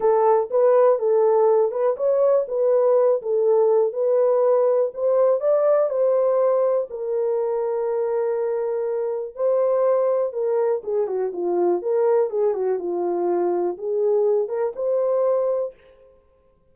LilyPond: \new Staff \with { instrumentName = "horn" } { \time 4/4 \tempo 4 = 122 a'4 b'4 a'4. b'8 | cis''4 b'4. a'4. | b'2 c''4 d''4 | c''2 ais'2~ |
ais'2. c''4~ | c''4 ais'4 gis'8 fis'8 f'4 | ais'4 gis'8 fis'8 f'2 | gis'4. ais'8 c''2 | }